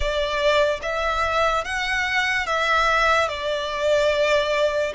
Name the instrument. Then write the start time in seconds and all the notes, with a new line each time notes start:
violin
0.00 D5
0.82 E5
1.64 F#5
2.46 E5
3.28 D5